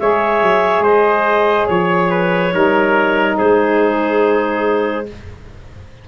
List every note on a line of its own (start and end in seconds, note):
0.00 0.43 G#3
0.00 2.52 G#4
0.00 0.84 C#5
0.00 0.85 E5
0.43 0.80 F#3
0.80 1.65 G#3
0.80 1.68 C5
0.80 1.67 D#5
1.67 2.54 F3
1.67 3.36 C#5
1.67 2.11 C#5
2.11 2.53 B4
2.52 3.39 G3
2.52 5.05 D#4
2.52 3.38 A#4
3.38 5.08 G#3
3.38 5.07 G#4
3.38 5.07 C5